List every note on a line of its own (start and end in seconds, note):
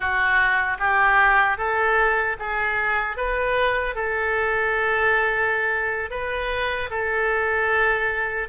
0.00 0.78 F#4
0.78 1.57 G4
1.57 2.36 A4
2.39 3.16 G#4
3.16 3.95 B4
3.95 6.10 A4
6.10 6.89 B4
6.90 8.48 A4